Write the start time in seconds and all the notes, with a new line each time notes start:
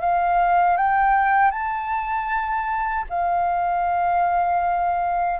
0.00 F5
0.77 G5
1.51 A5
3.09 F5